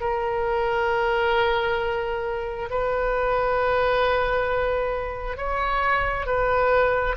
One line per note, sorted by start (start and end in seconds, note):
0.00 2.69 A#4
2.70 5.37 B4
5.37 6.26 C#5
6.26 7.16 B4